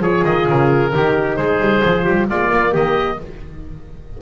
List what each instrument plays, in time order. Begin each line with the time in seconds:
0.00 double bass F3, horn F4, trumpet G#4, oboe C#5
0.24 double bass D#3, oboe D#5
0.48 double bass C#3, oboe A#4
0.91 double bass D#3, horn D#4, trumpet G4
1.36 double bass G#3, trumpet G#4, oboe C5
1.60 double bass G3
1.84 double bass F3, horn F4
2.04 double bass G3, trumpet G4
2.30 double bass G#3, horn A#3, trumpet F4, oboe D5
2.51 double bass A#3
2.72 double bass D#3, trumpet G4, oboe D#5